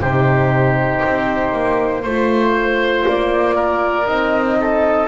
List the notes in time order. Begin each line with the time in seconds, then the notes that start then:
0.00 C3 D#4 G4 C5
1.05 C4
1.53 A#3
2.03 A3 F4 C5
3.07 A#3 D5
3.55 A#4
4.06 C4 D#4 D#5
4.60 A4